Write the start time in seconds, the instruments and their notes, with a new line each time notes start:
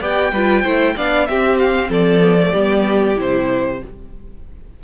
0.00 cello B3, viola G4, violin D5 G5
0.32 cello G3, viola F4, violin B4
0.63 cello A3, viola E4, violin C5
0.96 cello B3, viola D4, violin D5 F5
1.26 cello C4, viola C4, violin G4 E5
1.59 violin F5
1.89 cello F3, violin A4 D5
2.21 viola B3
2.40 viola A3
2.51 cello G3, viola B3, violin G4
3.16 cello C3, viola E4, violin C5